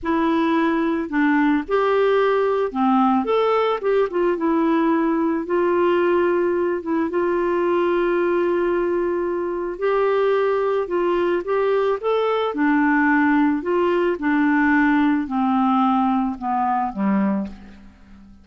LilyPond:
\new Staff \with { instrumentName = "clarinet" } { \time 4/4 \tempo 4 = 110 e'2 d'4 g'4~ | g'4 c'4 a'4 g'8 f'8 | e'2 f'2~ | f'8 e'8 f'2.~ |
f'2 g'2 | f'4 g'4 a'4 d'4~ | d'4 f'4 d'2 | c'2 b4 g4 | }